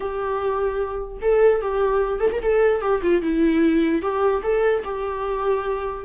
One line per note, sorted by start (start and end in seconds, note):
0.00 1.18 G4
1.21 1.61 A4
1.61 2.19 G4
2.19 2.30 A4
2.31 2.41 A#4
2.42 2.81 A4
2.81 3.01 G4
3.02 3.22 F4
3.22 4.02 E4
4.02 4.42 G4
4.43 4.83 A4
4.84 6.04 G4